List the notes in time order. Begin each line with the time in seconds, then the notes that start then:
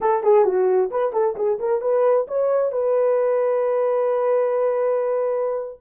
0.00 A4
0.23 G#4
0.44 F#4
0.90 B4
1.12 A4
1.36 G#4
1.59 A#4
1.81 B4
2.27 C#5
2.72 B4